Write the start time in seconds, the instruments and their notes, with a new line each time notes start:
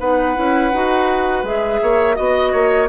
0.00 bassoon B3, clarinet D#4, oboe B4, flute F#5
0.35 bassoon C#4, clarinet E4
0.73 bassoon D#4, clarinet F#4
1.44 bassoon G#3, clarinet G#4, flute E5
1.82 bassoon A#3, oboe C#5
2.15 bassoon B3, clarinet F#4, flute D#5, oboe D#5
2.53 bassoon A#3, oboe C#5